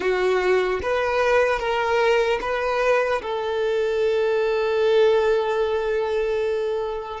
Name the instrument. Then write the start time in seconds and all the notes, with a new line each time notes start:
violin
0.00 F#4
0.82 B4
1.59 A#4
2.41 B4
3.21 A4